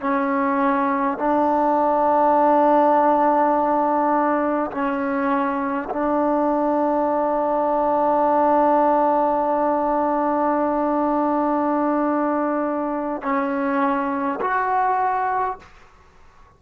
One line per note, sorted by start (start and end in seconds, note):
0.00 1.18 C#4
1.18 4.71 D4
4.71 5.88 C#4
5.89 13.22 D4
13.22 14.40 C#4
14.41 15.58 F#4